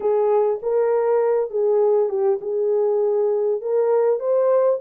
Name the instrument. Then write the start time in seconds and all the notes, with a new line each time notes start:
horn
0.00 G#4
0.62 A#4
1.50 G#4
2.09 G4
2.41 G#4
3.61 A#4
4.19 C5